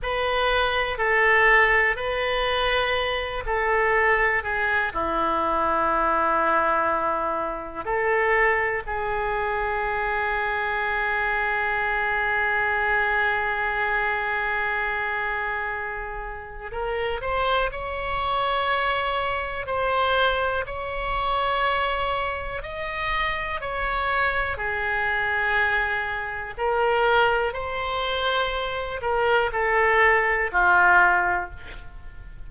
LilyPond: \new Staff \with { instrumentName = "oboe" } { \time 4/4 \tempo 4 = 61 b'4 a'4 b'4. a'8~ | a'8 gis'8 e'2. | a'4 gis'2.~ | gis'1~ |
gis'4 ais'8 c''8 cis''2 | c''4 cis''2 dis''4 | cis''4 gis'2 ais'4 | c''4. ais'8 a'4 f'4 | }